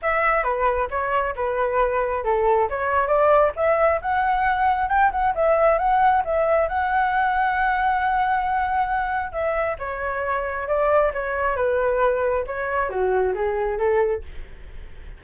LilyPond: \new Staff \with { instrumentName = "flute" } { \time 4/4 \tempo 4 = 135 e''4 b'4 cis''4 b'4~ | b'4 a'4 cis''4 d''4 | e''4 fis''2 g''8 fis''8 | e''4 fis''4 e''4 fis''4~ |
fis''1~ | fis''4 e''4 cis''2 | d''4 cis''4 b'2 | cis''4 fis'4 gis'4 a'4 | }